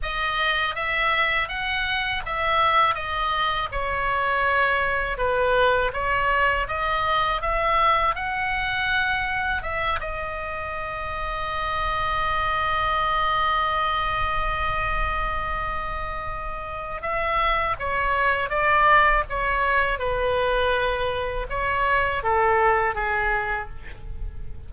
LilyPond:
\new Staff \with { instrumentName = "oboe" } { \time 4/4 \tempo 4 = 81 dis''4 e''4 fis''4 e''4 | dis''4 cis''2 b'4 | cis''4 dis''4 e''4 fis''4~ | fis''4 e''8 dis''2~ dis''8~ |
dis''1~ | dis''2. e''4 | cis''4 d''4 cis''4 b'4~ | b'4 cis''4 a'4 gis'4 | }